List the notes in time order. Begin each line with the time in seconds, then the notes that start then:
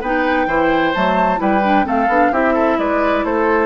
0.00 B3 D#4 B4 G5
0.46 E3 E4 C5
0.94 F#3 A3 A5
1.36 G3 E4 B4 G5
1.64 D4
1.84 A3 C4 A4 F5
2.07 B3 D4
2.31 C4 E4 G4 E5
2.53 A4
2.78 G#3 B4 D5
3.24 A3 A4 C5